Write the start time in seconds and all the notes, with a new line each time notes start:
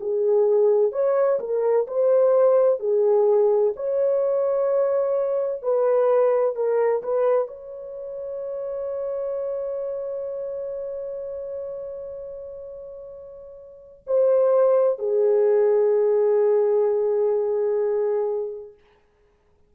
0.00 G#4
0.92 C#5
1.39 A#4
1.87 C5
2.80 G#4
3.76 C#5
5.62 B4
6.55 A#4
7.02 B4
7.47 C#5
14.06 C5
14.99 G#4